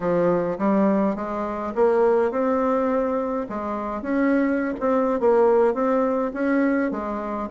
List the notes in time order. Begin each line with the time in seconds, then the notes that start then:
0.00 F3
0.58 G3
1.15 G#3
1.75 A#3
2.31 C4
3.49 G#3
4.01 C#4
4.79 C4
5.19 A#3
5.74 C4
6.33 C#4
6.91 G#3